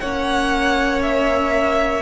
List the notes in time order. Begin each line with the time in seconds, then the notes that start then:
0.00 A#3 C#4 C#5 F#5
1.02 E5